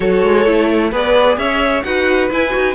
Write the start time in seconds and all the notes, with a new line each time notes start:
0.00 F#3 F#4 A4 C#5
0.22 G#3
0.45 A3 E4
0.91 B3 G#4 B4 D5
1.37 C#4 C#5 E5
1.82 D#4 F#4 B4 F#5
2.30 E4 G#5
2.49 D#4 F#4